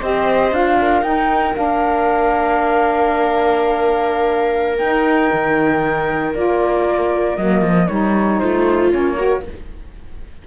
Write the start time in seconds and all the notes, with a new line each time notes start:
0.00 C4 G4 C5 D#5
0.51 D4 F4 F5
0.80 A#4
1.02 D#4 G5
1.54 A#3 D4 F5
4.78 D#4 G5
5.33 D#3
6.34 A#3 F4 D5
7.36 F#3 A#3 D#5
7.62 F3
7.87 G3 D#4 C#5
8.39 A3 F4 C5
8.91 A#3 C#4 C#5
9.16 F#4 A#4